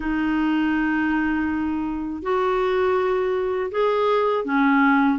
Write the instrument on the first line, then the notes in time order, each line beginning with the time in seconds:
clarinet
0.00 D#4
2.22 F#4
3.71 G#4
4.44 C#4